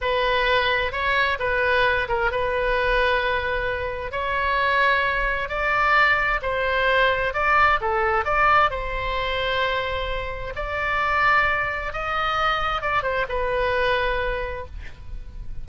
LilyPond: \new Staff \with { instrumentName = "oboe" } { \time 4/4 \tempo 4 = 131 b'2 cis''4 b'4~ | b'8 ais'8 b'2.~ | b'4 cis''2. | d''2 c''2 |
d''4 a'4 d''4 c''4~ | c''2. d''4~ | d''2 dis''2 | d''8 c''8 b'2. | }